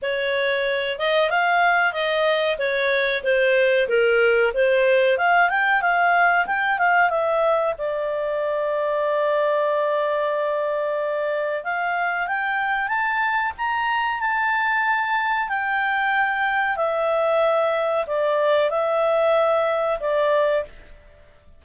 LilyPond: \new Staff \with { instrumentName = "clarinet" } { \time 4/4 \tempo 4 = 93 cis''4. dis''8 f''4 dis''4 | cis''4 c''4 ais'4 c''4 | f''8 g''8 f''4 g''8 f''8 e''4 | d''1~ |
d''2 f''4 g''4 | a''4 ais''4 a''2 | g''2 e''2 | d''4 e''2 d''4 | }